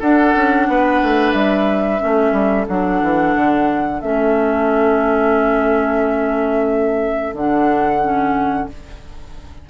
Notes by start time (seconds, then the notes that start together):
0.00 D4 A4 F#5
0.35 C#4
0.68 B3 B4
1.03 A3
1.32 G3 E5
1.99 A3 C#4 A4
2.32 G3
2.67 F#3 D4 F#5
3.01 E3
3.36 D3
4.01 A3 C#4 E5
7.33 D3 D4 F#5
8.02 C#4